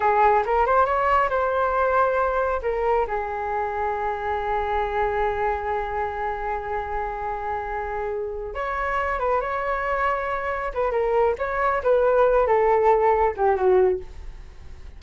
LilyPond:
\new Staff \with { instrumentName = "flute" } { \time 4/4 \tempo 4 = 137 gis'4 ais'8 c''8 cis''4 c''4~ | c''2 ais'4 gis'4~ | gis'1~ | gis'1~ |
gis'2.~ gis'8 cis''8~ | cis''4 b'8 cis''2~ cis''8~ | cis''8 b'8 ais'4 cis''4 b'4~ | b'8 a'2 g'8 fis'4 | }